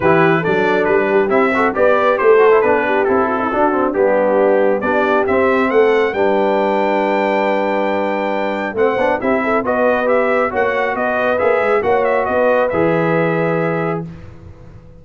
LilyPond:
<<
  \new Staff \with { instrumentName = "trumpet" } { \time 4/4 \tempo 4 = 137 b'4 d''4 b'4 e''4 | d''4 c''4 b'4 a'4~ | a'4 g'2 d''4 | e''4 fis''4 g''2~ |
g''1 | fis''4 e''4 dis''4 e''4 | fis''4 dis''4 e''4 fis''8 e''8 | dis''4 e''2. | }
  \new Staff \with { instrumentName = "horn" } { \time 4/4 g'4 a'4. g'4 a'8 | b'4 a'4. g'4 fis'16 e'16 | fis'4 d'2 g'4~ | g'4 a'4 b'2~ |
b'1 | c''4 g'8 a'8 b'2 | cis''4 b'2 cis''4 | b'1 | }
  \new Staff \with { instrumentName = "trombone" } { \time 4/4 e'4 d'2 e'8 fis'8 | g'4. fis'16 e'16 d'4 e'4 | d'8 c'8 b2 d'4 | c'2 d'2~ |
d'1 | c'8 d'8 e'4 fis'4 g'4 | fis'2 gis'4 fis'4~ | fis'4 gis'2. | }
  \new Staff \with { instrumentName = "tuba" } { \time 4/4 e4 fis4 g4 c'4 | b4 a4 b4 c'4 | d'4 g2 b4 | c'4 a4 g2~ |
g1 | a8 b8 c'4 b2 | ais4 b4 ais8 gis8 ais4 | b4 e2. | }
>>